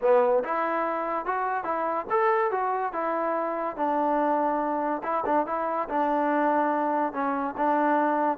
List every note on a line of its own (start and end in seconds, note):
0.01 0.43 B3
0.43 1.25 E4
1.25 1.64 F#4
1.64 2.06 E4
2.10 2.51 A4
2.51 2.92 F#4
2.92 3.76 E4
3.76 5.02 D4
5.03 5.24 E4
5.25 5.46 D4
5.46 5.88 E4
5.88 7.13 D4
7.13 7.54 C#4
7.57 8.38 D4